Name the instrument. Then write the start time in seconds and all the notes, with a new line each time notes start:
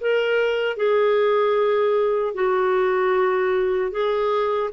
clarinet
0.00 A#4
0.76 G#4
2.34 F#4
3.91 G#4